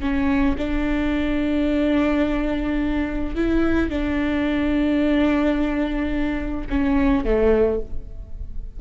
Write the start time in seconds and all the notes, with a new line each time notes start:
0.00 C#4
0.58 D4
3.35 E4
3.90 D4
6.69 C#4
7.24 A3